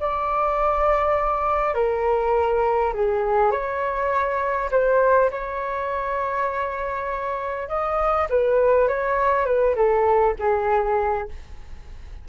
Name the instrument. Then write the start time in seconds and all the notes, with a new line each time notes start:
flute
0.00 D5
1.74 A#4
2.94 G#4
3.51 C#5
4.71 C5
5.31 C#5
7.68 D#5
8.30 B4
8.88 C#5
9.46 B4
9.76 A4
10.39 G#4